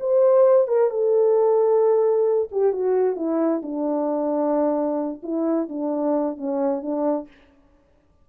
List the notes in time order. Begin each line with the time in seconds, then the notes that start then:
0.00 C5
0.68 A#4
0.90 A4
2.52 G4
2.73 F#4
3.16 E4
3.63 D4
5.23 E4
5.69 D4
6.37 C#4
6.82 D4